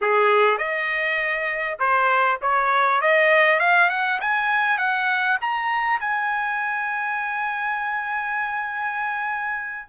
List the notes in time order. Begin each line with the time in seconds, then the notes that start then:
0.01 G#4
0.58 D#5
1.79 C5
2.41 C#5
3.01 D#5
3.59 F5
3.89 F#5
4.21 G#5
4.78 F#5
5.41 A#5
6.00 G#5